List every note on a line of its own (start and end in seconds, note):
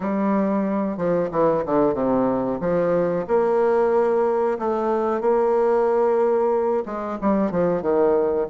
0.00 0.97 G3
0.97 1.29 F3
1.31 1.64 E3
1.65 1.94 D3
1.94 2.59 C3
2.60 3.25 F3
3.27 4.57 A#3
4.59 5.20 A3
5.20 6.83 A#3
6.85 7.18 G#3
7.21 7.51 G3
7.51 7.82 F3
7.82 8.47 D#3